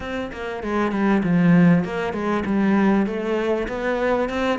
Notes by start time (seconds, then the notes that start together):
0.00 C4
0.32 A#3
0.63 G#3
0.91 G3
1.23 F3
1.84 A#3
2.13 G#3
2.45 G3
3.06 A3
3.67 B3
4.29 C4